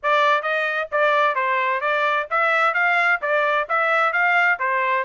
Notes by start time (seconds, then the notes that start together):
0.02 D5
0.42 D#5
0.91 D5
1.35 C5
1.80 D5
2.30 E5
2.74 F5
3.21 D5
3.68 E5
4.12 F5
4.59 C5